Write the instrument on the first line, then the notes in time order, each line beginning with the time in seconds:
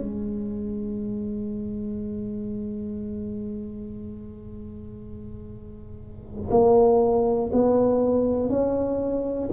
tuba
0.00 G#3
6.51 A#3
7.53 B3
8.50 C#4